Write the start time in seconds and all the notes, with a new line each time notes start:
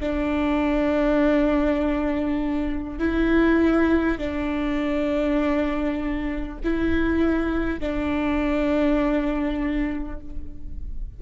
0.00 D4
2.99 E4
4.18 D4
6.64 E4
7.80 D4